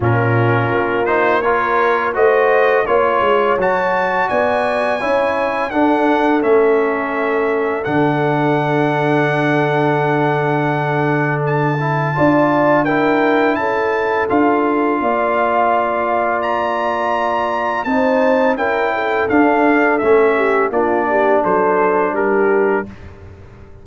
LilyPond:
<<
  \new Staff \with { instrumentName = "trumpet" } { \time 4/4 \tempo 4 = 84 ais'4. c''8 cis''4 dis''4 | cis''4 a''4 gis''2 | fis''4 e''2 fis''4~ | fis''1 |
a''2 g''4 a''4 | f''2. ais''4~ | ais''4 a''4 g''4 f''4 | e''4 d''4 c''4 ais'4 | }
  \new Staff \with { instrumentName = "horn" } { \time 4/4 f'2 ais'4 c''4 | cis''2 d''4 cis''4 | a'1~ | a'1~ |
a'4 d''4 ais'4 a'4~ | a'4 d''2.~ | d''4 c''4 ais'8 a'4.~ | a'8 g'8 f'8 g'8 a'4 g'4 | }
  \new Staff \with { instrumentName = "trombone" } { \time 4/4 cis'4. dis'8 f'4 fis'4 | f'4 fis'2 e'4 | d'4 cis'2 d'4~ | d'1~ |
d'8 e'8 f'4 e'2 | f'1~ | f'4 dis'4 e'4 d'4 | cis'4 d'2. | }
  \new Staff \with { instrumentName = "tuba" } { \time 4/4 ais,4 ais2 a4 | ais8 gis8 fis4 b4 cis'4 | d'4 a2 d4~ | d1~ |
d4 d'2 cis'4 | d'4 ais2.~ | ais4 c'4 cis'4 d'4 | a4 ais4 fis4 g4 | }
>>